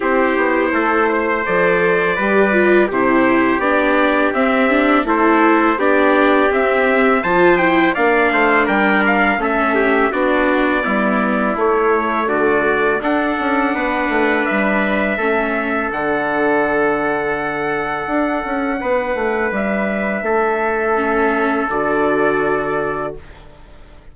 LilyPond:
<<
  \new Staff \with { instrumentName = "trumpet" } { \time 4/4 \tempo 4 = 83 c''2 d''2 | c''4 d''4 e''4 c''4 | d''4 e''4 a''8 g''8 f''4 | g''8 f''8 e''4 d''2 |
cis''4 d''4 fis''2 | e''2 fis''2~ | fis''2. e''4~ | e''2 d''2 | }
  \new Staff \with { instrumentName = "trumpet" } { \time 4/4 g'4 a'8 c''4. b'4 | g'2. a'4 | g'2 c''4 d''8 c''8 | ais'4 a'8 g'8 fis'4 e'4~ |
e'4 fis'4 a'4 b'4~ | b'4 a'2.~ | a'2 b'2 | a'1 | }
  \new Staff \with { instrumentName = "viola" } { \time 4/4 e'2 a'4 g'8 f'8 | e'4 d'4 c'8 d'8 e'4 | d'4 c'4 f'8 e'8 d'4~ | d'4 cis'4 d'4 b4 |
a2 d'2~ | d'4 cis'4 d'2~ | d'1~ | d'4 cis'4 fis'2 | }
  \new Staff \with { instrumentName = "bassoon" } { \time 4/4 c'8 b8 a4 f4 g4 | c4 b4 c'4 a4 | b4 c'4 f4 ais8 a8 | g4 a4 b4 g4 |
a4 d4 d'8 cis'8 b8 a8 | g4 a4 d2~ | d4 d'8 cis'8 b8 a8 g4 | a2 d2 | }
>>